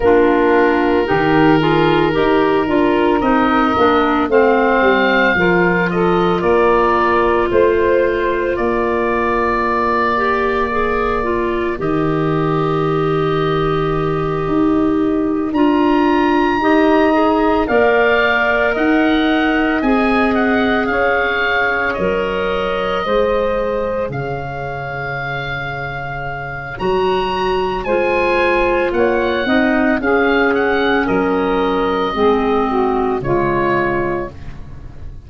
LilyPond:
<<
  \new Staff \with { instrumentName = "oboe" } { \time 4/4 \tempo 4 = 56 ais'2. dis''4 | f''4. dis''8 d''4 c''4 | d''2. dis''4~ | dis''2~ dis''8 ais''4.~ |
ais''8 f''4 fis''4 gis''8 fis''8 f''8~ | f''8 dis''2 f''4.~ | f''4 ais''4 gis''4 fis''4 | f''8 fis''8 dis''2 cis''4 | }
  \new Staff \with { instrumentName = "saxophone" } { \time 4/4 f'4 g'8 gis'8 ais'2 | c''4 ais'8 a'8 ais'4 c''4 | ais'1~ | ais'2.~ ais'8 dis''8~ |
dis''8 d''4 dis''2 cis''8~ | cis''4. c''4 cis''4.~ | cis''2 c''4 cis''8 dis''8 | gis'4 ais'4 gis'8 fis'8 f'4 | }
  \new Staff \with { instrumentName = "clarinet" } { \time 4/4 d'4 dis'8 f'8 g'8 f'8 dis'8 d'8 | c'4 f'2.~ | f'4. g'8 gis'8 f'8 g'4~ | g'2~ g'8 f'4 g'8 |
gis'8 ais'2 gis'4.~ | gis'8 ais'4 gis'2~ gis'8~ | gis'4 fis'4 f'4. dis'8 | cis'2 c'4 gis4 | }
  \new Staff \with { instrumentName = "tuba" } { \time 4/4 ais4 dis4 dis'8 d'8 c'8 ais8 | a8 g8 f4 ais4 a4 | ais2. dis4~ | dis4. dis'4 d'4 dis'8~ |
dis'8 ais4 dis'4 c'4 cis'8~ | cis'8 fis4 gis4 cis4.~ | cis4 fis4 gis4 ais8 c'8 | cis'4 fis4 gis4 cis4 | }
>>